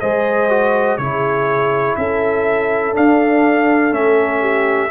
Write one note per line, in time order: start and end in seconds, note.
0.00 0.98 G#3
0.00 0.50 G#4
0.00 0.99 C5
0.00 0.97 D#5
0.50 0.99 F#4
0.97 1.96 C#3
0.97 2.93 E4
0.97 1.98 G#4
0.97 1.95 C#5
1.96 2.95 C#4
1.96 4.40 A4
1.96 2.94 E5
2.93 3.91 D4
2.93 3.92 D4
2.93 3.94 F5
3.91 4.91 A3
3.91 4.89 C#4
3.91 4.91 E5
4.40 4.90 G4